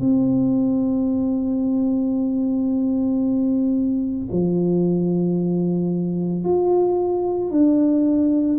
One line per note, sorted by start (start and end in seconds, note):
0.00 4.29 C4
4.32 6.44 F3
6.44 7.51 F4
7.51 8.58 D4